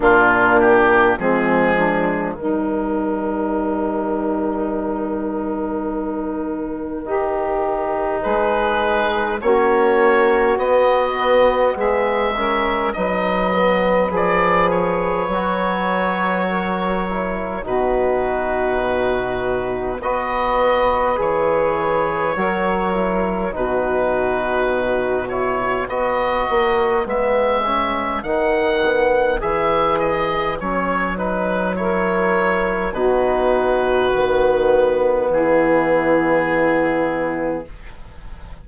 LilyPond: <<
  \new Staff \with { instrumentName = "oboe" } { \time 4/4 \tempo 4 = 51 f'8 g'8 gis'4 ais'2~ | ais'2. b'4 | cis''4 dis''4 e''4 dis''4 | d''8 cis''2~ cis''8 b'4~ |
b'4 dis''4 cis''2 | b'4. cis''8 dis''4 e''4 | fis''4 e''8 dis''8 cis''8 b'8 cis''4 | b'2 gis'2 | }
  \new Staff \with { instrumentName = "saxophone" } { \time 4/4 d'4 c'8 d'8 dis'2~ | dis'2 g'4 gis'4 | fis'2 gis'8 ais'8 b'4~ | b'2 ais'4 fis'4~ |
fis'4 b'2 ais'4 | fis'2 b'2~ | b'2. ais'4 | fis'2 e'2 | }
  \new Staff \with { instrumentName = "trombone" } { \time 4/4 ais4 gis4 g2~ | g2 dis'2 | cis'4 b4. cis'8 dis'8 b8 | gis'4 fis'4. e'8 dis'4~ |
dis'4 fis'4 gis'4 fis'8 e'8 | dis'4. e'8 fis'4 b8 cis'8 | dis'8 b8 gis'4 cis'8 dis'8 e'4 | dis'4 b2. | }
  \new Staff \with { instrumentName = "bassoon" } { \time 4/4 ais,4 f4 dis2~ | dis2. gis4 | ais4 b4 gis4 fis4 | f4 fis2 b,4~ |
b,4 b4 e4 fis4 | b,2 b8 ais8 gis4 | dis4 e4 fis2 | b,4 dis4 e2 | }
>>